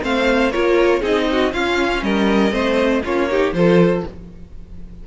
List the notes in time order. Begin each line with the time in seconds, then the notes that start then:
0.00 A3 C4 C5 F5
0.51 A#3 F4 A#4 C#5
1.00 C4 D#4 G#4 D#5
1.31 F#4
1.52 C#4 F4 F5
2.02 G3 A#4 D#5
2.51 A3 C4 C5
3.04 A#3 C#4 F4 C#5
3.30 D#4 G4
3.52 F3 F4 A4 C5